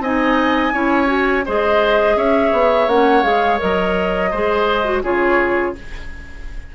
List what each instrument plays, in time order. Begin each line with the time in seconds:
0.00 bassoon C4, clarinet D#4, oboe D#5, flute G#5
0.73 bassoon C#4, clarinet E4, oboe C#5
1.06 clarinet F#4
1.45 bassoon G#3, clarinet G#4, oboe C5, flute D#5
2.16 bassoon C#4, oboe C#5, flute E5
2.52 bassoon B3
2.87 bassoon A#3, clarinet C#4, flute F#5
3.23 bassoon G#3, clarinet G#4, flute F5
3.58 bassoon F#3, clarinet A#4, flute D#5
4.31 bassoon G#3, clarinet G#4, oboe C5
4.84 clarinet F#4
5.03 bassoon C#3, clarinet F4, oboe G#4, flute C#5